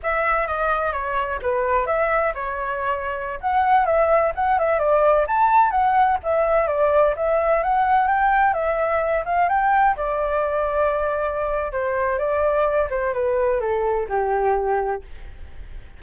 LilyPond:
\new Staff \with { instrumentName = "flute" } { \time 4/4 \tempo 4 = 128 e''4 dis''4 cis''4 b'4 | e''4 cis''2~ cis''16 fis''8.~ | fis''16 e''4 fis''8 e''8 d''4 a''8.~ | a''16 fis''4 e''4 d''4 e''8.~ |
e''16 fis''4 g''4 e''4. f''16~ | f''16 g''4 d''2~ d''8.~ | d''4 c''4 d''4. c''8 | b'4 a'4 g'2 | }